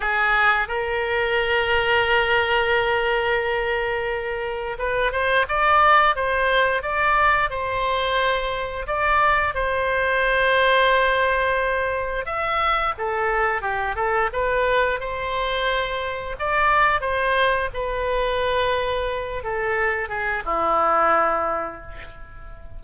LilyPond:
\new Staff \with { instrumentName = "oboe" } { \time 4/4 \tempo 4 = 88 gis'4 ais'2.~ | ais'2. b'8 c''8 | d''4 c''4 d''4 c''4~ | c''4 d''4 c''2~ |
c''2 e''4 a'4 | g'8 a'8 b'4 c''2 | d''4 c''4 b'2~ | b'8 a'4 gis'8 e'2 | }